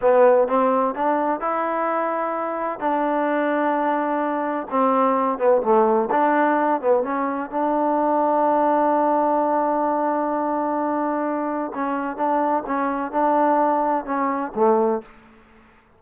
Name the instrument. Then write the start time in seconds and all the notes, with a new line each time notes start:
trombone
0.01 B3
0.48 C4
0.94 D4
1.40 E4
2.79 D4
4.70 C4
5.38 B3
5.62 A3
6.10 D4
6.81 B3
7.03 C#4
7.50 D4
11.74 C#4
12.16 D4
12.66 C#4
13.11 D4
14.05 C#4
14.55 A3